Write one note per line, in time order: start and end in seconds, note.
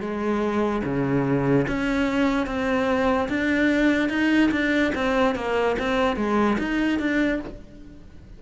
0.00 0.82 G#3
0.84 1.66 C#3
1.67 2.46 C#4
2.46 3.28 C4
3.28 4.09 D4
4.09 4.50 D#4
4.51 4.92 D4
4.94 5.35 C4
5.35 5.76 A#3
5.78 6.16 C4
6.16 6.57 G#3
6.58 6.99 D#4
6.99 7.40 D4